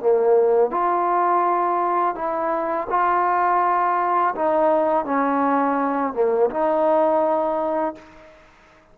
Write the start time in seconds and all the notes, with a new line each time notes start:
0.00 A#3
0.71 F4
2.16 E4
2.90 F4
4.36 D#4
5.05 C#4
6.14 A#3
6.51 D#4